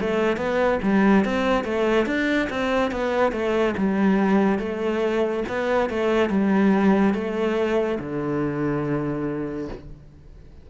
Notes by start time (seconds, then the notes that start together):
0.00 A3
0.36 B3
0.82 G3
1.24 C4
1.64 A3
2.06 D4
2.50 C4
2.91 B3
3.32 A3
3.77 G3
4.59 A3
5.48 B3
5.89 A3
6.30 G3
7.14 A3
7.99 D3